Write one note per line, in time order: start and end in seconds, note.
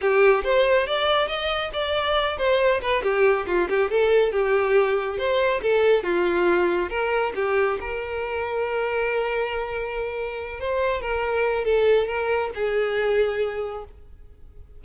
0.01 0.44 G4
0.44 0.86 C5
0.86 1.27 D5
1.27 1.71 D#5
1.73 2.37 D5
2.37 2.80 C5
2.81 3.02 B4
3.02 3.46 G4
3.46 3.68 F4
3.69 3.90 G4
3.90 4.32 A4
4.32 5.18 G4
5.18 5.61 C5
5.62 6.03 A4
6.03 6.89 F4
6.89 7.32 A#4
7.35 7.78 G4
7.80 10.60 A#4
10.60 11.01 C5
11.01 11.64 A#4
11.64 12.07 A4
12.07 12.50 A#4
12.54 13.84 G#4